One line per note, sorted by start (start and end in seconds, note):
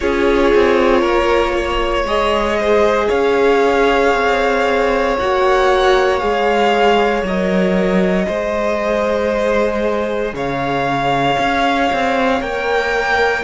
0.00 0.53 C#4
0.00 2.06 F4
0.00 1.01 G#4
0.00 2.06 C#5
0.54 1.02 C4
1.01 2.04 A#3
1.01 1.53 A#4
1.57 2.59 C#5
2.04 3.08 G#3
2.04 5.16 G#4
2.04 3.09 D#5
2.59 3.08 C5
3.08 4.13 C#4
3.08 8.25 C#5
3.08 5.16 F5
4.13 5.17 C4
5.18 6.22 A#3
5.18 6.20 F#4
5.18 6.18 F#5
6.18 7.22 G#3
6.18 7.23 G#4
6.18 7.22 F5
7.22 8.26 F#3
7.22 8.27 A#4
7.22 10.35 D#5
8.27 10.33 G#3
8.27 12.41 G#4
8.27 10.34 C5
10.33 11.36 C#3
10.33 13.44 C#5
10.33 12.42 F5
11.38 11.90 C#4
11.92 12.41 C4
12.41 13.44 A#3
12.41 13.44 A#4
12.41 13.44 G5